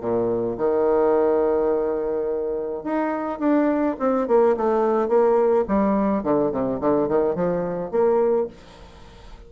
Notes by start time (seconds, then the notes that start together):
0.00 A#2
0.57 D#3
2.83 D#4
3.39 D4
3.99 C4
4.27 A#3
4.56 A3
5.08 A#3
5.68 G3
6.23 D3
6.51 C3
6.80 D3
7.08 D#3
7.35 F3
7.91 A#3